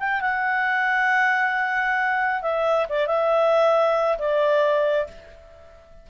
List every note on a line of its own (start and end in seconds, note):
0.00 0.21 G5
0.21 2.42 F#5
2.42 2.87 E5
2.89 3.07 D5
3.07 4.18 E5
4.19 5.08 D5